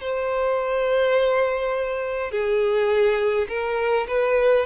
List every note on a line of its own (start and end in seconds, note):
0.00 2.31 C5
2.31 3.47 G#4
3.48 4.06 A#4
4.07 4.65 B4